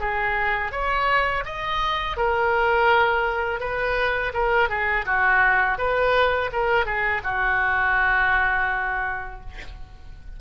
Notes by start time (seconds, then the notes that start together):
0.00 G#4
0.72 C#5
1.45 D#5
2.17 A#4
3.60 B4
4.33 A#4
4.69 G#4
5.06 F#4
5.78 B4
6.52 A#4
6.85 G#4
7.23 F#4